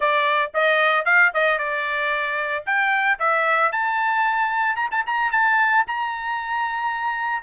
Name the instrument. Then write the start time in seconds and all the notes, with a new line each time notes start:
trumpet
0.00 D5
0.54 D#5
1.05 F5
1.33 D#5
1.58 D5
2.65 G5
3.19 E5
3.72 A5
4.75 A#5
4.91 A5
5.06 A#5
5.31 A5
5.87 A#5